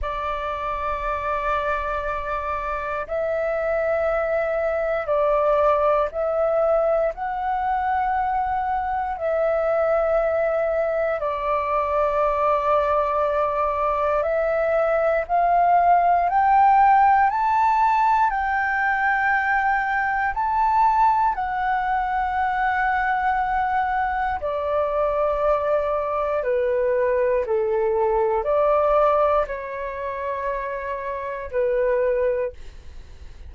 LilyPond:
\new Staff \with { instrumentName = "flute" } { \time 4/4 \tempo 4 = 59 d''2. e''4~ | e''4 d''4 e''4 fis''4~ | fis''4 e''2 d''4~ | d''2 e''4 f''4 |
g''4 a''4 g''2 | a''4 fis''2. | d''2 b'4 a'4 | d''4 cis''2 b'4 | }